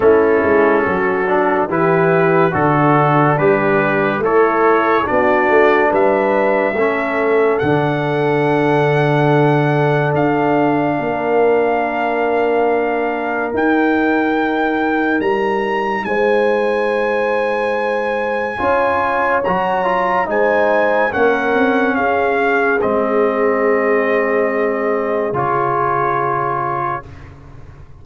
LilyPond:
<<
  \new Staff \with { instrumentName = "trumpet" } { \time 4/4 \tempo 4 = 71 a'2 b'4 a'4 | b'4 cis''4 d''4 e''4~ | e''4 fis''2. | f''1 |
g''2 ais''4 gis''4~ | gis''2. ais''4 | gis''4 fis''4 f''4 dis''4~ | dis''2 cis''2 | }
  \new Staff \with { instrumentName = "horn" } { \time 4/4 e'4 fis'4 g'4 d'4~ | d'4 e'4 fis'4 b'4 | a'1~ | a'4 ais'2.~ |
ais'2. c''4~ | c''2 cis''2 | c''4 ais'4 gis'2~ | gis'1 | }
  \new Staff \with { instrumentName = "trombone" } { \time 4/4 cis'4. d'8 e'4 fis'4 | g'4 a'4 d'2 | cis'4 d'2.~ | d'1 |
dis'1~ | dis'2 f'4 fis'8 f'8 | dis'4 cis'2 c'4~ | c'2 f'2 | }
  \new Staff \with { instrumentName = "tuba" } { \time 4/4 a8 gis8 fis4 e4 d4 | g4 a4 b8 a8 g4 | a4 d2. | d'4 ais2. |
dis'2 g4 gis4~ | gis2 cis'4 fis4 | gis4 ais8 c'8 cis'4 gis4~ | gis2 cis2 | }
>>